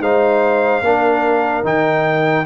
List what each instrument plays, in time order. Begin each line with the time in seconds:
0.00 tuba G#3, trombone D#4, horn C5, trumpet F5
0.82 tuba A#3, trombone D4, horn A#4
1.64 tuba D#3, trombone D#4, trumpet G5